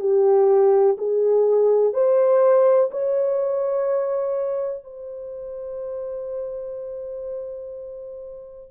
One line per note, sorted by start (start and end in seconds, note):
0.00 0.97 G4
0.98 1.94 G#4
1.94 2.90 C5
2.91 4.84 C#5
4.84 8.71 C5